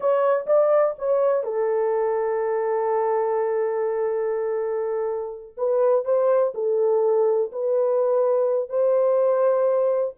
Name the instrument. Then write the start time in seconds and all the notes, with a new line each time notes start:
horn
0.00 C#5
0.46 D5
0.98 C#5
1.43 A4
5.57 B4
6.05 C5
6.54 A4
7.52 B4
8.69 C5